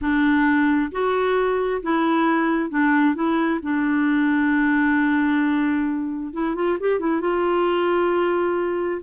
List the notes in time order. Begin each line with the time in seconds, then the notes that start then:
0.01 D4
0.91 F#4
1.82 E4
2.70 D4
3.15 E4
3.62 D4
6.33 E4
6.55 F4
6.80 G4
6.99 E4
7.21 F4